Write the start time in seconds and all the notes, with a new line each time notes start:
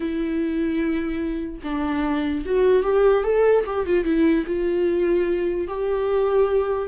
0.00 E4
1.63 D4
2.45 F#4
2.83 G4
3.23 A4
3.65 G4
3.86 F4
4.04 E4
4.46 F4
5.67 G4